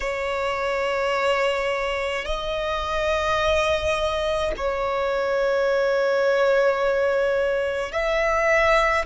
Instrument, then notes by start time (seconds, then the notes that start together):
violin
0.00 C#5
2.25 D#5
4.56 C#5
7.91 E5